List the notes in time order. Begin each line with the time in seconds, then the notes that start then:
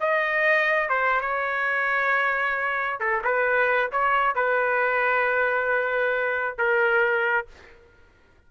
0.00 D#5
0.89 C5
1.21 C#5
3.00 A4
3.24 B4
3.92 C#5
4.35 B4
6.58 A#4